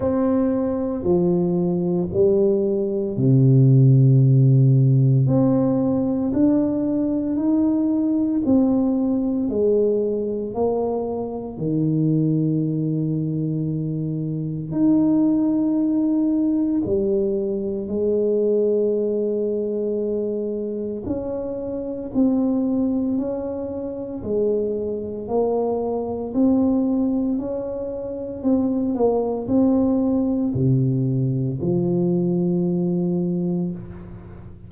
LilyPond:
\new Staff \with { instrumentName = "tuba" } { \time 4/4 \tempo 4 = 57 c'4 f4 g4 c4~ | c4 c'4 d'4 dis'4 | c'4 gis4 ais4 dis4~ | dis2 dis'2 |
g4 gis2. | cis'4 c'4 cis'4 gis4 | ais4 c'4 cis'4 c'8 ais8 | c'4 c4 f2 | }